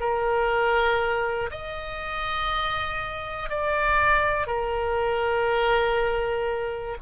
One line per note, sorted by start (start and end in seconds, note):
0.00 1.50 A#4
1.50 3.49 D#5
3.49 4.46 D5
4.46 6.96 A#4